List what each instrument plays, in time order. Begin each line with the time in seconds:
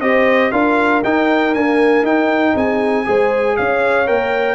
0.00 tuba C4, trombone G4, horn C5, trumpet D#5
0.51 tuba D4, trombone F4, horn A#4, trumpet F5
1.03 tuba D#4, trombone D#4, trumpet G5
1.54 trombone A#3, tuba D4, trumpet G#5
2.02 tuba D#4, trombone D#4, trumpet G5
2.55 tuba C4, horn G#4, trumpet G#5
3.05 tuba G#3, trombone G#4, horn C5
3.56 tuba C#4, horn C#5, trumpet F5
4.06 tuba A#3, trombone A#4, trumpet G5